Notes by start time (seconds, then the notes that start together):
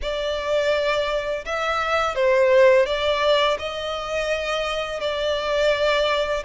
0.02 D5
1.44 E5
2.15 C5
2.86 D5
3.58 D#5
5.00 D5